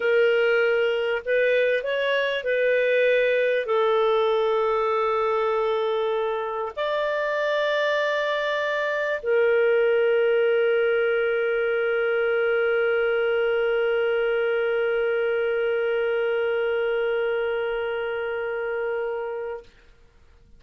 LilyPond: \new Staff \with { instrumentName = "clarinet" } { \time 4/4 \tempo 4 = 98 ais'2 b'4 cis''4 | b'2 a'2~ | a'2. d''4~ | d''2. ais'4~ |
ais'1~ | ais'1~ | ais'1~ | ais'1 | }